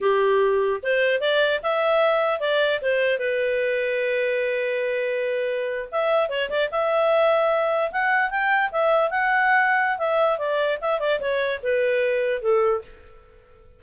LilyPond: \new Staff \with { instrumentName = "clarinet" } { \time 4/4 \tempo 4 = 150 g'2 c''4 d''4 | e''2 d''4 c''4 | b'1~ | b'2~ b'8. e''4 cis''16~ |
cis''16 d''8 e''2. fis''16~ | fis''8. g''4 e''4 fis''4~ fis''16~ | fis''4 e''4 d''4 e''8 d''8 | cis''4 b'2 a'4 | }